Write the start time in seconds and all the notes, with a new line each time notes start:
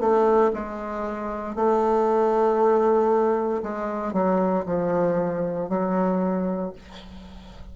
0.00 A3
0.53 G#3
1.56 A3
3.63 G#3
4.13 F#3
4.66 F3
5.69 F#3